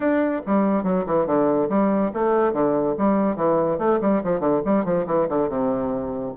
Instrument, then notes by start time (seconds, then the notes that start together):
bassoon
0.00 D4
0.46 G3
0.83 F#3
1.06 E3
1.26 D3
1.69 G3
2.13 A3
2.52 D3
2.98 G3
3.36 E3
3.78 A3
4.01 G3
4.23 F3
4.39 D3
4.65 G3
4.84 F3
5.06 E3
5.28 D3
5.48 C3